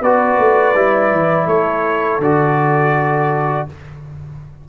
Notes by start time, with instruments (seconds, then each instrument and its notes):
0.00 tuba B3, trombone F#4, horn B4, trumpet D5
0.38 tuba A3
0.75 tuba G3, trombone E4
1.11 tuba E3
1.46 tuba A3, horn A4, trumpet C#5
2.18 tuba D3, trombone F#4, trumpet D5